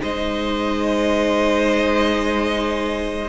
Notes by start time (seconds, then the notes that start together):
0.00 G#3 D#4 C5 D#5